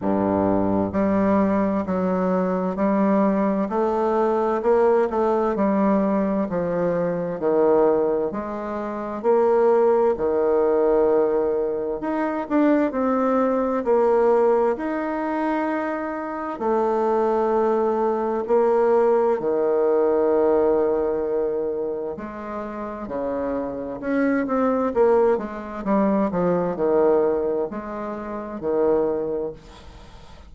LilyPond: \new Staff \with { instrumentName = "bassoon" } { \time 4/4 \tempo 4 = 65 g,4 g4 fis4 g4 | a4 ais8 a8 g4 f4 | dis4 gis4 ais4 dis4~ | dis4 dis'8 d'8 c'4 ais4 |
dis'2 a2 | ais4 dis2. | gis4 cis4 cis'8 c'8 ais8 gis8 | g8 f8 dis4 gis4 dis4 | }